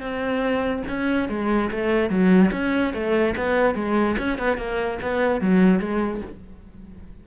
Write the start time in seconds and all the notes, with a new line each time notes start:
0.00 C4
0.88 C#4
1.29 G#3
1.71 A3
2.09 F#3
2.52 C#4
2.93 A3
3.37 B3
3.74 G#3
4.18 C#4
4.38 B3
4.57 A#3
5.02 B3
5.40 F#3
5.79 G#3